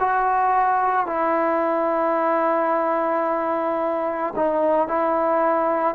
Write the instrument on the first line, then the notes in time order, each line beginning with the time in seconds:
trombone
0.00 F#4
1.06 E4
4.36 D#4
4.88 E4